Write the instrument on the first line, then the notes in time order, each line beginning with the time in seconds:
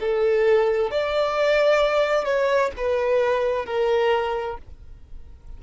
violin
0.00 A4
0.91 D5
2.25 C#5
2.77 B4
3.65 A#4